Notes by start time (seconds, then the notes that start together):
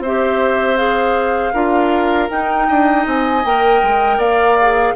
0.00 C4 C5 E5
0.06 G4
0.77 G#4 F5
1.54 D4 F4 A#4
2.30 D#4 G5
2.69 D4 D#5
3.06 C4 G#5
3.45 A#3 A#4 G5
3.83 G#3
4.18 A#3 D5 F5
4.62 G#4